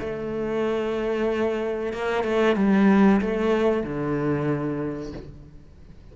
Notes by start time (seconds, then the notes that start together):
0.00 A3
1.93 A#3
2.24 A3
2.56 G3
3.21 A3
3.84 D3